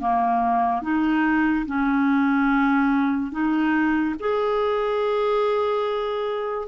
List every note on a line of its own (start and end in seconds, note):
0.00 0.83 A#3
0.83 1.66 D#4
1.67 3.32 C#4
3.32 4.15 D#4
4.20 6.68 G#4